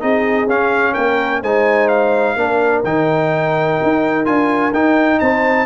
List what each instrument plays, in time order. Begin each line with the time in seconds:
0.00 tuba C4, trombone D#4, horn G#4, trumpet D#5
0.47 tuba C#4, trombone C#4, trumpet F5
0.93 tuba A#3, horn A#4, trumpet G5
1.42 tuba G#3, trombone D#4, horn C5, trumpet G#5
1.88 trumpet F5
2.36 tuba A#3, trombone D4, horn A#4
2.84 tuba D#3, trombone D#4, trumpet G5
3.83 tuba D#4
4.25 tuba D4, trombone F4, trumpet G#5
4.73 tuba D#4, trombone D#4, trumpet G5
5.20 tuba C4, horn C5, trumpet A5